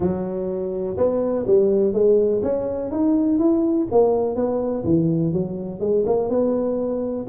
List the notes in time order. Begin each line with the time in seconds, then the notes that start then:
0.00 F#3
0.97 B3
1.46 G3
1.93 G#3
2.42 C#4
2.91 D#4
3.38 E4
3.91 A#3
4.35 B3
4.84 E3
5.32 F#3
5.80 G#3
6.06 A#3
6.29 B3